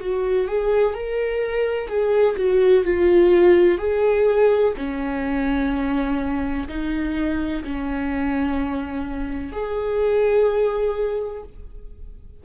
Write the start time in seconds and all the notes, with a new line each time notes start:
0.00 F#4
0.48 G#4
0.94 A#4
1.88 G#4
2.36 F#4
2.84 F4
3.78 G#4
4.77 C#4
6.68 D#4
7.64 C#4
9.52 G#4